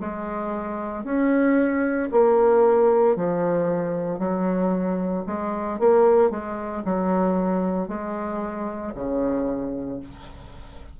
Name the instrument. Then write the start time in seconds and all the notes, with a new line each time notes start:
bassoon
0.00 G#3
1.04 C#4
2.11 A#3
3.16 F3
4.19 F#3
5.26 G#3
5.79 A#3
6.30 G#3
6.85 F#3
7.88 G#3
8.94 C#3